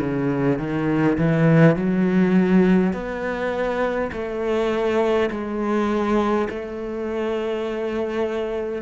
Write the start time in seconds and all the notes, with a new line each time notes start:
0.00 C#3
0.59 D#3
1.18 E3
1.76 F#3
2.93 B3
4.12 A3
5.30 G#3
6.50 A3